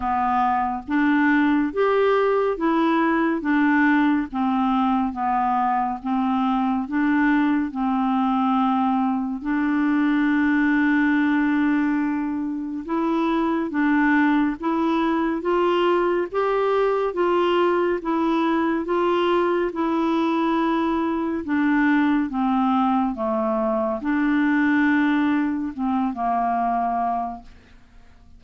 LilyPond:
\new Staff \with { instrumentName = "clarinet" } { \time 4/4 \tempo 4 = 70 b4 d'4 g'4 e'4 | d'4 c'4 b4 c'4 | d'4 c'2 d'4~ | d'2. e'4 |
d'4 e'4 f'4 g'4 | f'4 e'4 f'4 e'4~ | e'4 d'4 c'4 a4 | d'2 c'8 ais4. | }